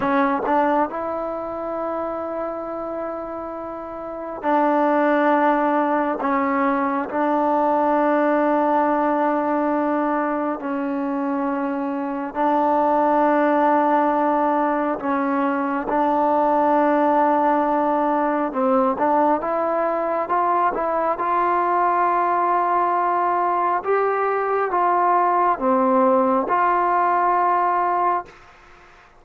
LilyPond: \new Staff \with { instrumentName = "trombone" } { \time 4/4 \tempo 4 = 68 cis'8 d'8 e'2.~ | e'4 d'2 cis'4 | d'1 | cis'2 d'2~ |
d'4 cis'4 d'2~ | d'4 c'8 d'8 e'4 f'8 e'8 | f'2. g'4 | f'4 c'4 f'2 | }